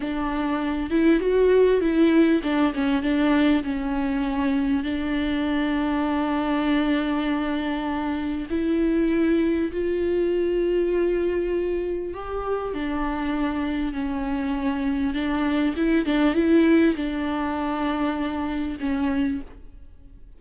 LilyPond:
\new Staff \with { instrumentName = "viola" } { \time 4/4 \tempo 4 = 99 d'4. e'8 fis'4 e'4 | d'8 cis'8 d'4 cis'2 | d'1~ | d'2 e'2 |
f'1 | g'4 d'2 cis'4~ | cis'4 d'4 e'8 d'8 e'4 | d'2. cis'4 | }